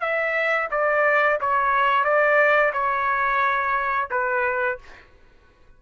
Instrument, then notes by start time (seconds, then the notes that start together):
trumpet
0.00 E5
0.71 D5
1.40 C#5
2.04 D5
2.73 C#5
4.10 B4